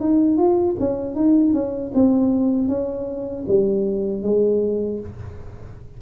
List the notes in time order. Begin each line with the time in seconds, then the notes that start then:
0.00 D#4
0.37 F4
0.79 C#4
1.15 D#4
1.53 C#4
1.94 C4
2.68 C#4
3.48 G3
4.22 G#3